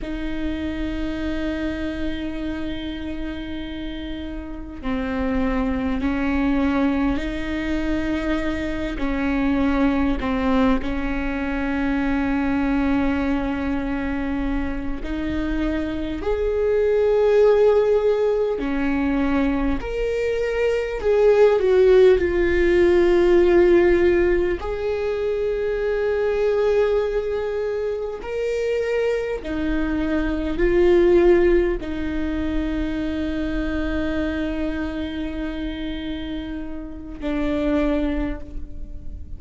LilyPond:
\new Staff \with { instrumentName = "viola" } { \time 4/4 \tempo 4 = 50 dis'1 | c'4 cis'4 dis'4. cis'8~ | cis'8 c'8 cis'2.~ | cis'8 dis'4 gis'2 cis'8~ |
cis'8 ais'4 gis'8 fis'8 f'4.~ | f'8 gis'2. ais'8~ | ais'8 dis'4 f'4 dis'4.~ | dis'2. d'4 | }